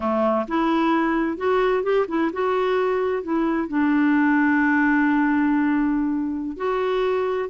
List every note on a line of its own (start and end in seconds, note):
0.00 0.46 A3
0.48 1.37 E4
1.37 1.83 F#4
1.83 2.06 G4
2.08 2.31 E4
2.32 3.22 F#4
3.22 3.68 E4
3.68 6.56 D4
6.56 7.49 F#4